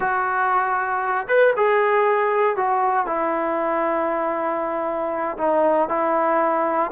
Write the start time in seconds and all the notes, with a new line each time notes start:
0.00 F#4
1.28 B4
1.56 G#4
2.56 F#4
3.06 E4
5.37 D#4
5.88 E4